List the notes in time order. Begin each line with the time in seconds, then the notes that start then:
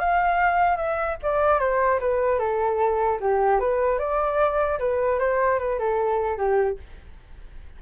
0.00 F5
0.77 E5
1.23 D5
1.60 C5
2.00 B4
2.39 A4
3.21 G4
3.60 B4
3.99 D5
4.79 B4
5.20 C5
5.59 B4
5.79 A4
6.38 G4